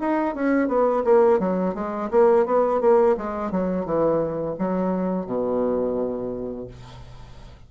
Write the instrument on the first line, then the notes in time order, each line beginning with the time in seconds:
bassoon
0.00 D#4
0.35 C#4
0.68 B3
1.05 A#3
1.40 F#3
1.75 G#3
2.11 A#3
2.46 B3
2.81 A#3
3.17 G#3
3.51 F#3
3.85 E3
4.59 F#3
5.26 B2